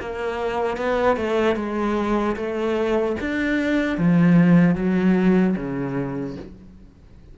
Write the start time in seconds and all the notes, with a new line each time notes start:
0.00 A#3
0.77 B3
1.16 A3
1.55 G#3
2.36 A3
3.20 D4
3.97 F3
4.75 F#3
5.56 C#3